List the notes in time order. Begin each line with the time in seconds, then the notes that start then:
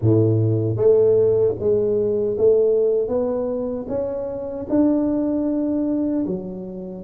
0.01 A2
0.76 A3
1.59 G#3
2.37 A3
3.08 B3
3.88 C#4
4.69 D4
6.26 F#3